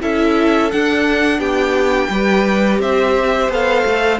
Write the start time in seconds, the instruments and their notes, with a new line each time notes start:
0.00 cello C#4, viola E4, violin A4 E5
0.71 viola D4, cello D4, violin F#5
1.38 cello B3, violin G4 G5
2.09 cello G3, viola G4, violin B4
2.79 cello C4, violin C5 E5
3.49 cello B3, viola A4, violin F5
3.85 cello A3